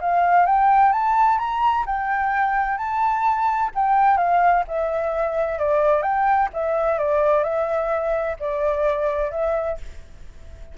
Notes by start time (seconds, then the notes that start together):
0.00 F5
0.45 G5
0.92 A5
1.38 A#5
1.86 G5
2.77 A5
3.74 G5
4.17 F5
4.67 E5
5.58 D5
6.02 G5
6.53 E5
6.98 D5
7.43 E5
8.39 D5
9.31 E5